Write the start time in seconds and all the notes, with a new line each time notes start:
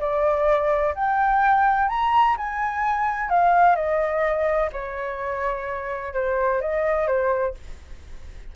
0.00 D5
0.95 G5
1.89 A#5
2.37 G#5
3.29 F5
3.76 D#5
4.72 C#5
6.14 C5
6.61 D#5
7.07 C5